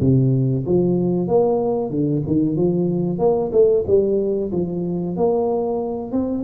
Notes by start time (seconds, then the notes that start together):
0.00 C3
0.66 F3
1.27 A#3
1.90 D3
2.26 D#3
2.56 F3
3.18 A#3
3.52 A3
3.87 G3
4.52 F3
5.16 A#3
6.12 C4